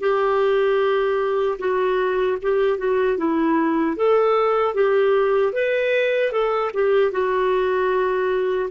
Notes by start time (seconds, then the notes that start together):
0.00 G4
1.59 F#4
2.42 G4
2.78 F#4
3.18 E4
3.96 A4
4.74 G4
5.53 B4
6.32 A4
6.74 G4
7.12 F#4